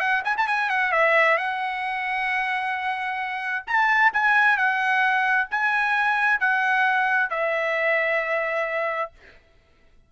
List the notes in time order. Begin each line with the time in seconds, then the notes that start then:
0.00 F#5
0.24 G#5
0.37 A5
0.47 G#5
0.69 F#5
0.92 E5
1.37 F#5
3.67 A5
4.13 G#5
4.57 F#5
5.50 G#5
6.40 F#5
7.30 E5